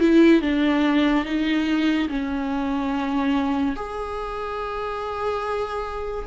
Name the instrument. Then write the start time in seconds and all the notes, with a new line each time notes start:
viola
0.00 E4
0.42 D4
1.25 D#4
2.09 C#4
3.76 G#4